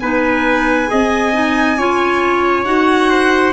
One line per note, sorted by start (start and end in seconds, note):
0.00 0.90 B3
0.00 0.87 D#4
0.00 0.90 B4
0.00 2.65 G#5
0.87 1.77 C4
0.87 1.31 G#4
0.87 1.78 D#5
1.33 1.77 D#4
1.77 2.65 C#4
1.77 2.65 F4
1.77 3.10 C#5
2.65 3.53 D#4
2.65 3.53 F#4
2.65 3.53 F#5
3.10 3.53 C5